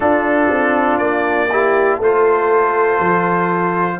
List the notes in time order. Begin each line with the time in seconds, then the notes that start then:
0.00 D4 F4 A4
0.49 C4
0.98 A#3 D5
1.51 E4 G4
1.96 A3 F4 A4
2.03 C5
2.99 F3